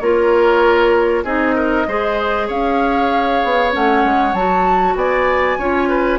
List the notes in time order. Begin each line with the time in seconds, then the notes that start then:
0.00 A#3 F4 A#4 C#5
1.25 C4 D#4 G#4 D#5
1.56 A#4
1.88 G#3 G#4 C5
2.48 C#4 C#5 F5
3.44 B3
3.72 A3 C#4 F#5
4.05 G#3
4.34 F#3 F#4 A5
4.96 B3 D5 G#5
5.59 C#4 F4 C#5
5.89 B4